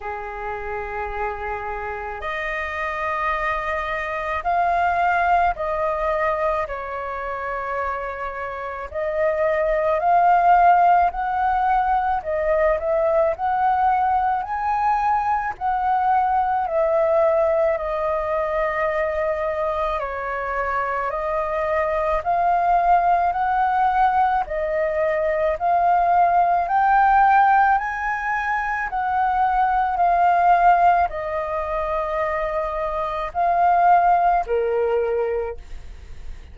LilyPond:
\new Staff \with { instrumentName = "flute" } { \time 4/4 \tempo 4 = 54 gis'2 dis''2 | f''4 dis''4 cis''2 | dis''4 f''4 fis''4 dis''8 e''8 | fis''4 gis''4 fis''4 e''4 |
dis''2 cis''4 dis''4 | f''4 fis''4 dis''4 f''4 | g''4 gis''4 fis''4 f''4 | dis''2 f''4 ais'4 | }